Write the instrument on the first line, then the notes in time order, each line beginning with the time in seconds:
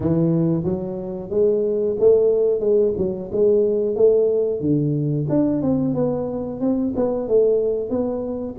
tuba
0.00 E3
0.64 F#3
1.29 G#3
1.99 A3
2.60 G#3
2.97 F#3
3.31 G#3
3.95 A3
4.60 D3
5.29 D4
5.62 C4
5.94 B3
6.60 C4
6.96 B3
7.28 A3
7.89 B3